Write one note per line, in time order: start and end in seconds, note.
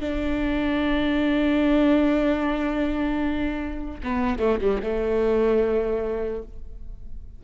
0.00 4.00 D4
4.03 4.39 B3
4.39 4.59 A3
4.61 4.81 G3
4.82 6.42 A3